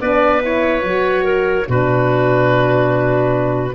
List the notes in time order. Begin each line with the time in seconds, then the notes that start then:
0.00 B3 D4 B4 D5
0.42 E4 C#5
0.82 F#3 F#4
1.24 A#4
1.66 B2 D4 F#4 B4